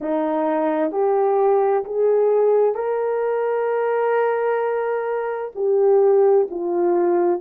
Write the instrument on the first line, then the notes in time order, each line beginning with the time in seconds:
horn
0.00 D#4
0.91 G4
1.84 G#4
2.74 A#4
5.55 G4
6.50 F4